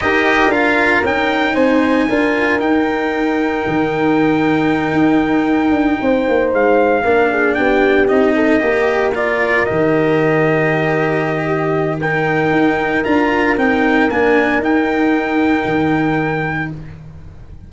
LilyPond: <<
  \new Staff \with { instrumentName = "trumpet" } { \time 4/4 \tempo 4 = 115 dis''4 f''4 g''4 gis''4~ | gis''4 g''2.~ | g''1~ | g''8 f''2 g''4 dis''8~ |
dis''4. d''4 dis''4.~ | dis''2. g''4~ | g''4 ais''4 g''4 gis''4 | g''1 | }
  \new Staff \with { instrumentName = "horn" } { \time 4/4 ais'2. c''4 | ais'1~ | ais'2.~ ais'8 c''8~ | c''4. ais'8 gis'8 g'4. |
a'8 ais'2.~ ais'8~ | ais'2 g'4 ais'4~ | ais'1~ | ais'1 | }
  \new Staff \with { instrumentName = "cello" } { \time 4/4 g'4 f'4 dis'2 | f'4 dis'2.~ | dis'1~ | dis'4. d'2 dis'8~ |
dis'8 g'4 f'4 g'4.~ | g'2. dis'4~ | dis'4 f'4 dis'4 d'4 | dis'1 | }
  \new Staff \with { instrumentName = "tuba" } { \time 4/4 dis'4 d'4 cis'4 c'4 | d'4 dis'2 dis4~ | dis4. dis'4. d'8 c'8 | ais8 gis4 ais4 b4 c'8~ |
c'8 ais2 dis4.~ | dis1 | dis'4 d'4 c'4 ais4 | dis'2 dis2 | }
>>